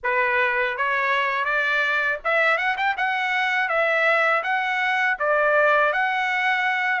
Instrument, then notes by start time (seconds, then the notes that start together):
trumpet
0.03 B4
0.77 C#5
1.44 D5
2.24 E5
2.57 F#5
2.77 G5
2.97 F#5
3.68 E5
4.43 F#5
5.19 D5
5.93 F#5